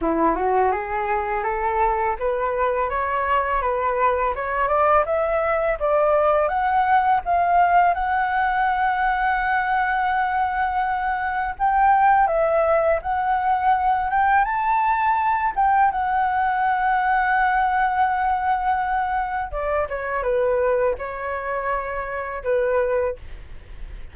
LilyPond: \new Staff \with { instrumentName = "flute" } { \time 4/4 \tempo 4 = 83 e'8 fis'8 gis'4 a'4 b'4 | cis''4 b'4 cis''8 d''8 e''4 | d''4 fis''4 f''4 fis''4~ | fis''1 |
g''4 e''4 fis''4. g''8 | a''4. g''8 fis''2~ | fis''2. d''8 cis''8 | b'4 cis''2 b'4 | }